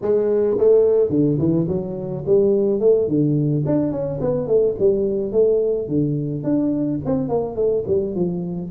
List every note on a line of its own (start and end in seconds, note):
0.01 0.57 G#3
0.58 1.09 A3
1.09 1.37 D3
1.39 1.67 E3
1.68 2.24 F#3
2.26 2.80 G3
2.80 3.07 A3
3.07 3.63 D3
3.66 3.91 D4
3.91 4.19 C#4
4.21 4.47 B3
4.47 4.75 A3
4.79 5.32 G3
5.32 5.88 A3
5.88 6.43 D3
6.43 6.99 D4
7.05 7.28 C4
7.28 7.55 A#3
7.55 7.84 A3
7.87 8.15 G3
8.15 8.70 F3